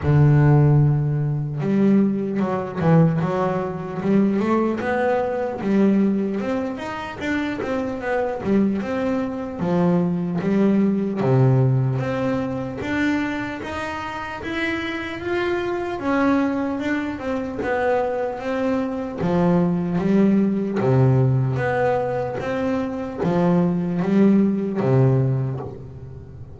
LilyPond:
\new Staff \with { instrumentName = "double bass" } { \time 4/4 \tempo 4 = 75 d2 g4 fis8 e8 | fis4 g8 a8 b4 g4 | c'8 dis'8 d'8 c'8 b8 g8 c'4 | f4 g4 c4 c'4 |
d'4 dis'4 e'4 f'4 | cis'4 d'8 c'8 b4 c'4 | f4 g4 c4 b4 | c'4 f4 g4 c4 | }